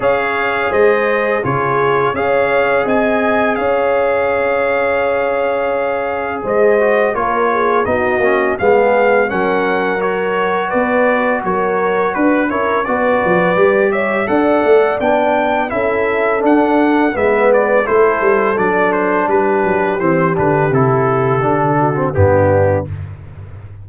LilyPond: <<
  \new Staff \with { instrumentName = "trumpet" } { \time 4/4 \tempo 4 = 84 f''4 dis''4 cis''4 f''4 | gis''4 f''2.~ | f''4 dis''4 cis''4 dis''4 | f''4 fis''4 cis''4 d''4 |
cis''4 b'8 cis''8 d''4. e''8 | fis''4 g''4 e''4 fis''4 | e''8 d''8 c''4 d''8 c''8 b'4 | c''8 b'8 a'2 g'4 | }
  \new Staff \with { instrumentName = "horn" } { \time 4/4 cis''4 c''4 gis'4 cis''4 | dis''4 cis''2.~ | cis''4 c''4 ais'8 gis'8 fis'4 | gis'4 ais'2 b'4 |
ais'4 b'8 ais'8 b'4. cis''8 | d''2 a'2 | b'4 a'2 g'4~ | g'2~ g'8 fis'8 d'4 | }
  \new Staff \with { instrumentName = "trombone" } { \time 4/4 gis'2 f'4 gis'4~ | gis'1~ | gis'4. fis'8 f'4 dis'8 cis'8 | b4 cis'4 fis'2~ |
fis'4. e'8 fis'4 g'4 | a'4 d'4 e'4 d'4 | b4 e'4 d'2 | c'8 d'8 e'4 d'8. c'16 b4 | }
  \new Staff \with { instrumentName = "tuba" } { \time 4/4 cis'4 gis4 cis4 cis'4 | c'4 cis'2.~ | cis'4 gis4 ais4 b8 ais8 | gis4 fis2 b4 |
fis4 d'8 cis'8 b8 f8 g4 | d'8 a8 b4 cis'4 d'4 | gis4 a8 g8 fis4 g8 fis8 | e8 d8 c4 d4 g,4 | }
>>